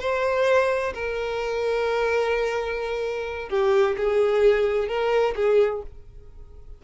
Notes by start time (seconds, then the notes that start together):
0.00 C5
0.94 A#4
3.49 G4
3.97 G#4
4.88 A#4
5.35 G#4